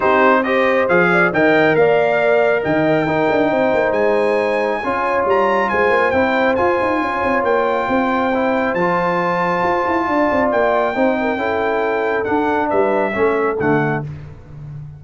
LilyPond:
<<
  \new Staff \with { instrumentName = "trumpet" } { \time 4/4 \tempo 4 = 137 c''4 dis''4 f''4 g''4 | f''2 g''2~ | g''4 gis''2. | ais''4 gis''4 g''4 gis''4~ |
gis''4 g''2. | a''1 | g''1 | fis''4 e''2 fis''4 | }
  \new Staff \with { instrumentName = "horn" } { \time 4/4 g'4 c''4. d''8 dis''4 | d''2 dis''4 ais'4 | c''2. cis''4~ | cis''4 c''2. |
cis''2 c''2~ | c''2. d''4~ | d''4 c''8 ais'8 a'2~ | a'4 b'4 a'2 | }
  \new Staff \with { instrumentName = "trombone" } { \time 4/4 dis'4 g'4 gis'4 ais'4~ | ais'2. dis'4~ | dis'2. f'4~ | f'2 e'4 f'4~ |
f'2. e'4 | f'1~ | f'4 dis'4 e'2 | d'2 cis'4 a4 | }
  \new Staff \with { instrumentName = "tuba" } { \time 4/4 c'2 f4 dis4 | ais2 dis4 dis'8 d'8 | c'8 ais8 gis2 cis'4 | g4 gis8 ais8 c'4 f'8 dis'8 |
cis'8 c'8 ais4 c'2 | f2 f'8 e'8 d'8 c'8 | ais4 c'4 cis'2 | d'4 g4 a4 d4 | }
>>